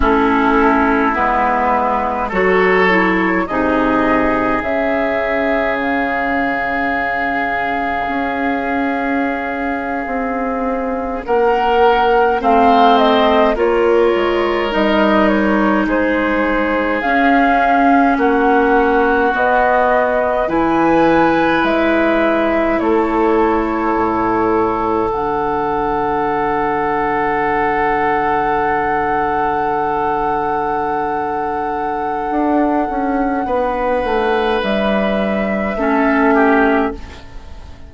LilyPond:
<<
  \new Staff \with { instrumentName = "flute" } { \time 4/4 \tempo 4 = 52 a'4 b'4 cis''4 dis''4 | e''4 f''2.~ | f''4.~ f''16 fis''4 f''8 dis''8 cis''16~ | cis''8. dis''8 cis''8 c''4 f''4 fis''16~ |
fis''8. dis''4 gis''4 e''4 cis''16~ | cis''4.~ cis''16 fis''2~ fis''16~ | fis''1~ | fis''2 e''2 | }
  \new Staff \with { instrumentName = "oboe" } { \time 4/4 e'2 a'4 gis'4~ | gis'1~ | gis'4.~ gis'16 ais'4 c''4 ais'16~ | ais'4.~ ais'16 gis'2 fis'16~ |
fis'4.~ fis'16 b'2 a'16~ | a'1~ | a'1~ | a'4 b'2 a'8 g'8 | }
  \new Staff \with { instrumentName = "clarinet" } { \time 4/4 cis'4 b4 fis'8 e'8 dis'4 | cis'1~ | cis'2~ cis'8. c'4 f'16~ | f'8. dis'2 cis'4~ cis'16~ |
cis'8. b4 e'2~ e'16~ | e'4.~ e'16 d'2~ d'16~ | d'1~ | d'2. cis'4 | }
  \new Staff \with { instrumentName = "bassoon" } { \time 4/4 a4 gis4 fis4 c4 | cis2. cis'4~ | cis'8. c'4 ais4 a4 ais16~ | ais16 gis8 g4 gis4 cis'4 ais16~ |
ais8. b4 e4 gis4 a16~ | a8. a,4 d2~ d16~ | d1 | d'8 cis'8 b8 a8 g4 a4 | }
>>